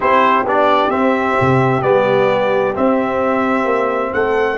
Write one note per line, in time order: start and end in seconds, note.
0.00 0.43 C4
0.00 0.45 E4
0.00 4.12 G4
0.00 0.46 C5
0.43 0.89 B3
0.43 0.90 D4
0.43 0.90 D5
0.90 1.81 C4
0.90 1.36 C4
0.90 1.82 E5
1.40 1.83 C3
1.82 2.75 G3
1.82 2.74 B3
1.82 2.73 D5
2.74 4.57 C4
2.74 3.65 C4
2.74 4.13 E5
3.65 4.11 A#3
4.13 4.58 A3
4.13 4.58 A4
4.13 4.58 F#5